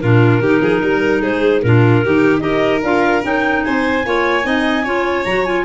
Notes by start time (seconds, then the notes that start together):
0.00 A#2 D4 F4 A#4
0.39 D#3 D#4 G4
0.61 F3 G#4
0.82 G3 A#4
1.21 G#3 G#4 C5
1.62 A#2 D4 F4 A#4
2.04 D#3 D#4 G4
2.39 D#4 G4 A#4 D#5
2.83 D4 F4 F5
3.22 C#4 D#4 G5
3.64 C4 C5 G#5
4.05 A#3 F4 C#5
4.43 C4 D#4 D#5
4.83 C#4 F4 C#5
5.24 F#3 F#4 A#5
5.44 F4 G#5